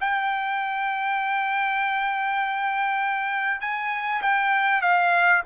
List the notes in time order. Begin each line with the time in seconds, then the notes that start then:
0.00 G5
3.61 G#5
4.21 G5
4.81 F5